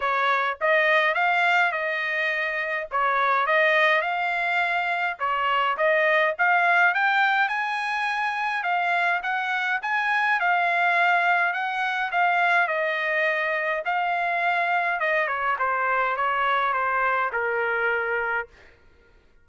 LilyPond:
\new Staff \with { instrumentName = "trumpet" } { \time 4/4 \tempo 4 = 104 cis''4 dis''4 f''4 dis''4~ | dis''4 cis''4 dis''4 f''4~ | f''4 cis''4 dis''4 f''4 | g''4 gis''2 f''4 |
fis''4 gis''4 f''2 | fis''4 f''4 dis''2 | f''2 dis''8 cis''8 c''4 | cis''4 c''4 ais'2 | }